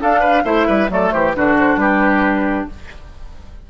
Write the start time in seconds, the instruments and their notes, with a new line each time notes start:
0.00 clarinet D4, bassoon D4, oboe A4, flute F5
0.20 oboe B4
0.44 bassoon A3, clarinet E4, oboe C5, flute E5
0.67 bassoon G3, oboe B4
0.89 bassoon F#3, clarinet A3, oboe A4, flute D5
1.10 bassoon E3, oboe G4, flute C5
1.34 bassoon D3, clarinet D4, oboe F#4, flute B4
1.58 flute C5
1.76 bassoon G3, oboe G4, flute B4